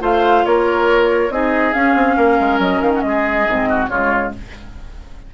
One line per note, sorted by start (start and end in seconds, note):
0.00 0.44 A3
0.00 1.29 F4
0.00 0.45 C5
0.00 0.46 F5
0.46 1.30 A#3
0.46 1.33 A#4
0.46 1.31 C#5
1.30 1.73 C4
1.30 1.73 D#4
1.30 2.17 G#4
1.30 1.73 D#5
1.73 3.46 C#4
1.73 1.95 C#4
1.73 2.60 F5
1.95 2.16 C4
2.17 2.39 A#3
2.17 3.03 A#4
2.40 2.59 G#3
2.59 2.81 F#3
2.59 2.82 D#5
2.81 3.03 D#3
2.81 2.92 F5
2.95 3.01 F#5
3.01 3.47 G#3
3.01 3.87 D#5
3.08 3.70 G#4
3.48 3.89 G#2
3.48 3.91 C4
3.70 3.90 F#4
3.89 4.32 C#3
3.89 4.34 G#3
3.89 4.33 F4
3.89 4.32 C#5